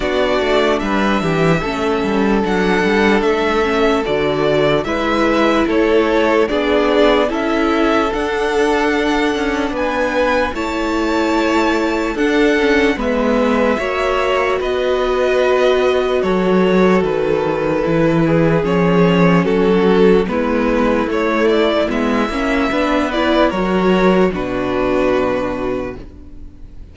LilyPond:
<<
  \new Staff \with { instrumentName = "violin" } { \time 4/4 \tempo 4 = 74 d''4 e''2 fis''4 | e''4 d''4 e''4 cis''4 | d''4 e''4 fis''2 | gis''4 a''2 fis''4 |
e''2 dis''2 | cis''4 b'2 cis''4 | a'4 b'4 cis''8 d''8 e''4~ | e''8 d''8 cis''4 b'2 | }
  \new Staff \with { instrumentName = "violin" } { \time 4/4 fis'4 b'8 g'8 a'2~ | a'2 b'4 a'4 | gis'4 a'2. | b'4 cis''2 a'4 |
b'4 cis''4 b'2 | a'2~ a'8 gis'4. | fis'4 e'2. | b'4 ais'4 fis'2 | }
  \new Staff \with { instrumentName = "viola" } { \time 4/4 d'2 cis'4 d'4~ | d'8 cis'8 fis'4 e'2 | d'4 e'4 d'2~ | d'4 e'2 d'8 cis'8 |
b4 fis'2.~ | fis'2 e'4 cis'4~ | cis'4 b4 a4 b8 cis'8 | d'8 e'8 fis'4 d'2 | }
  \new Staff \with { instrumentName = "cello" } { \time 4/4 b8 a8 g8 e8 a8 g8 fis8 g8 | a4 d4 gis4 a4 | b4 cis'4 d'4. cis'8 | b4 a2 d'4 |
gis4 ais4 b2 | fis4 dis4 e4 f4 | fis4 gis4 a4 gis8 ais8 | b4 fis4 b,2 | }
>>